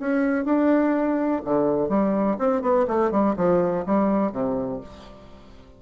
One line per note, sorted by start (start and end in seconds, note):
0.00 0.45 C#4
0.45 1.42 D4
1.45 1.89 D3
1.89 2.38 G3
2.39 2.62 C4
2.62 2.86 B3
2.88 3.11 A3
3.11 3.36 G3
3.37 3.85 F3
3.86 4.32 G3
4.32 4.81 C3